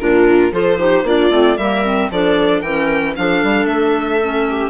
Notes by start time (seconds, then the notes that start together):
0.00 A#2 D4 F4 A#4
0.52 F3 F4 A4 C5
0.78 D#4 G4
1.04 A#3 D4 F4 D5
1.31 A3 C4
1.58 G3 A#3 A#4 E5
1.85 C4
2.11 F3 D4 A4 D5
2.62 E3 C#4 A#4 G5
3.16 F3 D4 A4 F5
3.44 G3
3.66 A3 E5
4.22 C#4
4.50 G4